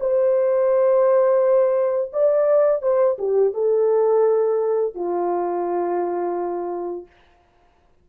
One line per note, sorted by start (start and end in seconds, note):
0.00 2.12 C5
2.13 2.82 D5
2.82 3.17 C5
3.18 3.54 G4
3.54 4.95 A4
4.95 7.07 F4